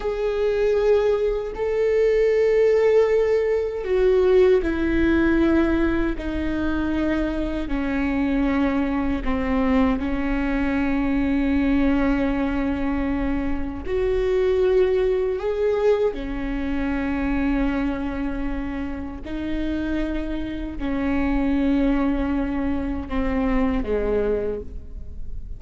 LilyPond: \new Staff \with { instrumentName = "viola" } { \time 4/4 \tempo 4 = 78 gis'2 a'2~ | a'4 fis'4 e'2 | dis'2 cis'2 | c'4 cis'2.~ |
cis'2 fis'2 | gis'4 cis'2.~ | cis'4 dis'2 cis'4~ | cis'2 c'4 gis4 | }